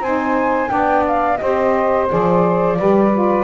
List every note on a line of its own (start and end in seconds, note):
0.00 0.69 C4
0.00 0.68 D#4
0.00 0.70 C5
0.00 0.69 G#5
0.68 1.40 B3
0.68 1.37 D4
0.68 1.39 D5
0.68 1.03 G5
1.07 1.37 F5
1.37 2.10 C4
1.37 2.08 G4
1.37 2.78 C5
1.37 2.06 D#5
2.08 2.78 F3
2.08 2.77 G#4
2.08 3.44 D5
2.77 3.44 G3
2.77 3.11 G4
2.77 3.44 B4
3.13 3.44 F4